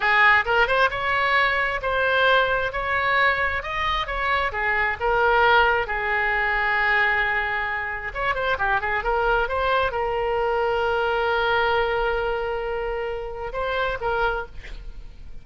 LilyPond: \new Staff \with { instrumentName = "oboe" } { \time 4/4 \tempo 4 = 133 gis'4 ais'8 c''8 cis''2 | c''2 cis''2 | dis''4 cis''4 gis'4 ais'4~ | ais'4 gis'2.~ |
gis'2 cis''8 c''8 g'8 gis'8 | ais'4 c''4 ais'2~ | ais'1~ | ais'2 c''4 ais'4 | }